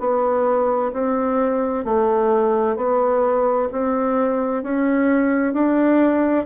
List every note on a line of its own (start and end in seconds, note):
0.00 0.92 B3
0.93 1.85 C4
1.85 2.77 A3
2.77 3.69 B3
3.72 4.63 C4
4.63 5.54 C#4
5.54 6.46 D4